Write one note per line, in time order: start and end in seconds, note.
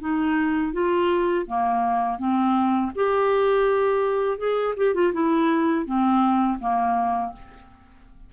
0.00 0.73 D#4
0.73 1.46 F4
1.46 2.19 A#3
2.19 2.92 C4
2.95 4.38 G4
4.38 4.74 G#4
4.77 4.94 G4
4.94 5.13 F4
5.13 5.85 E4
5.85 6.59 C4
6.60 7.33 A#3